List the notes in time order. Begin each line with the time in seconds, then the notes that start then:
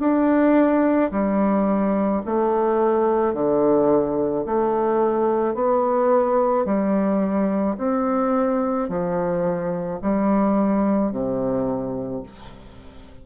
0.00 D4
1.11 G3
2.26 A3
3.34 D3
4.46 A3
5.55 B3
6.66 G3
7.78 C4
8.89 F3
10.02 G3
11.12 C3